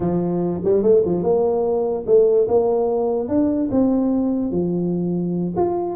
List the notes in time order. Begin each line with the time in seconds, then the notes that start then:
0.00 F3
0.64 G3
0.82 A3
1.05 F3
1.23 A#3
2.06 A3
2.48 A#3
3.28 D4
3.71 C4
4.51 F3
5.56 F4